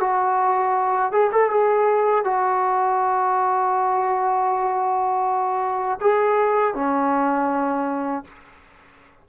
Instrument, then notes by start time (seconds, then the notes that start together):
trombone
0.00 F#4
1.12 G#4
1.32 A4
1.50 G#4
2.24 F#4
6.01 G#4
6.75 C#4